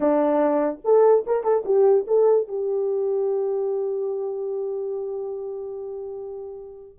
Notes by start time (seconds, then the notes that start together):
0.00 D4
0.84 A4
1.26 A#4
1.43 A4
1.65 G4
2.07 A4
2.48 G4